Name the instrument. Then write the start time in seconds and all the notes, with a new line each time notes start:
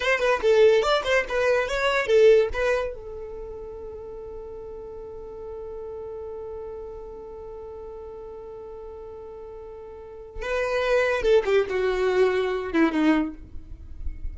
violin
0.00 C5
0.19 B4
0.42 A4
0.82 D5
1.04 C5
1.28 B4
1.68 C#5
2.06 A4
2.53 B4
2.94 A4
10.41 B4
11.22 A4
11.45 G4
11.69 F#4
12.72 E4
12.92 D#4